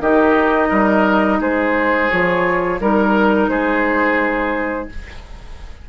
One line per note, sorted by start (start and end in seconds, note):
0.00 0.70 D#3
0.00 2.11 D#4
0.00 0.69 G4
0.00 1.41 D#5
0.69 1.40 G3
0.69 1.39 A#4
1.40 2.10 G#3
1.40 2.80 G#4
1.40 2.10 C5
2.10 2.80 F3
2.10 2.80 F4
2.10 2.80 C#5
2.80 3.49 G3
2.80 4.89 D#4
2.80 3.50 A#4
2.80 3.49 A#4
3.49 4.88 G#3
3.49 4.90 G#4
3.49 4.89 C5